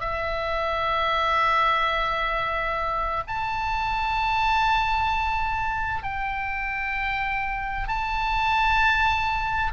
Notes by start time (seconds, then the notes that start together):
0.00 E5
3.27 A5
6.03 G5
7.88 A5